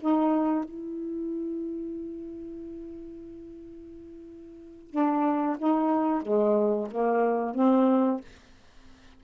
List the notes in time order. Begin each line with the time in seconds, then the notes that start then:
0.00 D#4
0.64 E4
4.91 D4
5.58 D#4
6.22 G#3
6.91 A#3
7.55 C4